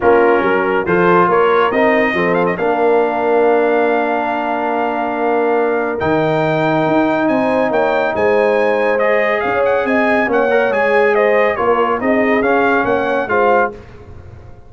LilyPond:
<<
  \new Staff \with { instrumentName = "trumpet" } { \time 4/4 \tempo 4 = 140 ais'2 c''4 cis''4 | dis''4. f''16 dis''16 f''2~ | f''1~ | f''2 g''2~ |
g''4 gis''4 g''4 gis''4~ | gis''4 dis''4 f''8 fis''8 gis''4 | fis''4 gis''4 dis''4 cis''4 | dis''4 f''4 fis''4 f''4 | }
  \new Staff \with { instrumentName = "horn" } { \time 4/4 f'4 ais'4 a'4 ais'4~ | ais'4 a'4 ais'2~ | ais'1~ | ais'1~ |
ais'4 c''4 cis''4 c''4~ | c''2 cis''4 dis''4 | cis''2 c''4 ais'4 | gis'2 cis''4 c''4 | }
  \new Staff \with { instrumentName = "trombone" } { \time 4/4 cis'2 f'2 | dis'4 c'4 d'2~ | d'1~ | d'2 dis'2~ |
dis'1~ | dis'4 gis'2. | cis'8 ais'8 gis'2 f'4 | dis'4 cis'2 f'4 | }
  \new Staff \with { instrumentName = "tuba" } { \time 4/4 ais4 fis4 f4 ais4 | c'4 f4 ais2~ | ais1~ | ais2 dis2 |
dis'4 c'4 ais4 gis4~ | gis2 cis'4 c'4 | ais4 gis2 ais4 | c'4 cis'4 ais4 gis4 | }
>>